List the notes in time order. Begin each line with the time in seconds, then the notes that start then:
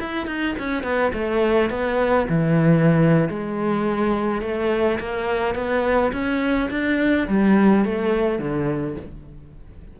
0.00 E4
0.26 D#4
0.59 C#4
0.83 B3
1.13 A3
1.70 B3
2.29 E3
3.29 G#3
4.42 A3
4.99 A#3
5.55 B3
6.12 C#4
6.70 D4
7.28 G3
7.85 A3
8.39 D3